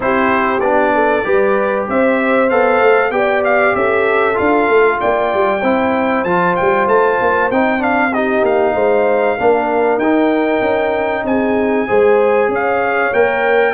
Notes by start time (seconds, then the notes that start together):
0.00 C4 E4 G4 C5
0.60 B3 D4 D5
0.94 A4
1.23 G3 G4 B4
1.88 C4 C5 E5
2.49 B3 A4 F5
2.81 A3
3.11 B3 G4 D5 G5
3.44 F5
3.75 C#4 A4 E5
4.34 D4 F4 F5
4.68 A3
5.00 A#3 D5 G5
5.34 G3
5.60 C4 E4 C5
6.23 F3 F4 A5
6.56 G3 G5
6.87 A3 A5
7.21 A#3
7.51 C4 D#4 G5
7.78 D4 F5
8.13 D#4 G4 D#5
8.42 A#3 F5
8.74 G#3 C5
9.37 A#3 D4 A#4
9.97 D#4 G5
10.61 C#4
11.24 C4 G#4 G#5
11.87 G#3 G#4 C5
12.48 C#4 C#5 F5
13.13 A#3 A#4 G5